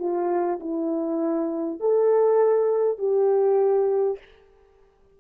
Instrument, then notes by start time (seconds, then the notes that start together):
horn
0.00 F4
0.61 E4
1.81 A4
2.99 G4